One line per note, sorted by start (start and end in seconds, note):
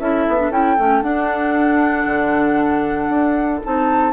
0.00 0.26 C#4
0.00 0.38 E4
0.00 4.13 A4
0.00 0.52 E5
0.29 0.51 B3
0.38 0.51 D4
0.51 0.76 C#4
0.51 0.78 E4
0.51 1.03 G5
0.78 1.03 A3
0.78 1.03 C#4
1.03 2.06 D4
1.03 3.62 D4
1.03 3.62 F#5
2.06 3.09 D3
3.09 3.61 D4
3.64 4.13 C4
3.64 4.13 D#4
3.64 4.13 A5